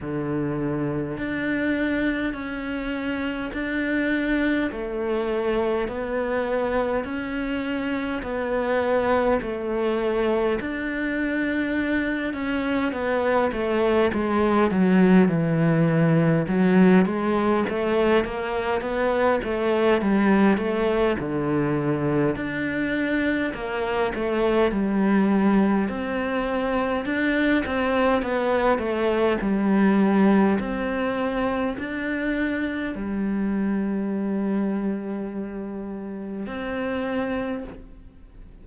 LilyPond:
\new Staff \with { instrumentName = "cello" } { \time 4/4 \tempo 4 = 51 d4 d'4 cis'4 d'4 | a4 b4 cis'4 b4 | a4 d'4. cis'8 b8 a8 | gis8 fis8 e4 fis8 gis8 a8 ais8 |
b8 a8 g8 a8 d4 d'4 | ais8 a8 g4 c'4 d'8 c'8 | b8 a8 g4 c'4 d'4 | g2. c'4 | }